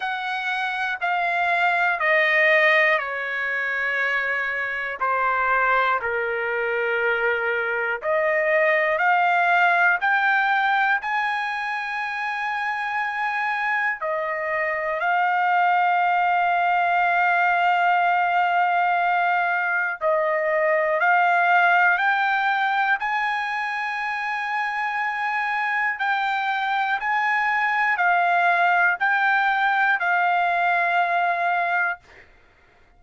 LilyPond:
\new Staff \with { instrumentName = "trumpet" } { \time 4/4 \tempo 4 = 60 fis''4 f''4 dis''4 cis''4~ | cis''4 c''4 ais'2 | dis''4 f''4 g''4 gis''4~ | gis''2 dis''4 f''4~ |
f''1 | dis''4 f''4 g''4 gis''4~ | gis''2 g''4 gis''4 | f''4 g''4 f''2 | }